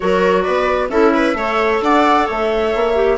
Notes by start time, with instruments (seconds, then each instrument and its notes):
0.00 bassoon F#3, clarinet F#4, viola A#4, flute C#5
0.42 bassoon B3, viola B4, flute D5
0.89 bassoon C#4, clarinet E4, viola A4, flute E5
1.14 viola B4
1.34 bassoon A3, clarinet A4, viola C#5
1.81 bassoon D4, viola D5, flute F#5
2.26 bassoon A3, viola C#5, flute E5
2.75 bassoon A#3
2.95 clarinet G4